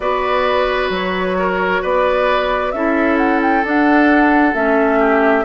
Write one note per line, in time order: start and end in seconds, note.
0.00 0.89 B3
0.00 2.73 F#4
0.00 1.37 B4
0.00 0.90 D5
0.89 1.80 F#3
0.89 1.83 C#5
1.38 1.82 A#4
1.82 2.73 B3
1.82 2.73 B4
1.82 2.71 D5
2.71 3.63 C#4
2.71 3.63 E4
2.71 4.99 A4
2.71 3.16 E5
3.17 3.40 F#5
3.42 3.64 G5
3.63 4.54 D4
3.63 4.54 F#5
4.54 5.45 A3
4.54 5.45 C#4
4.54 5.45 E5
4.99 5.44 G4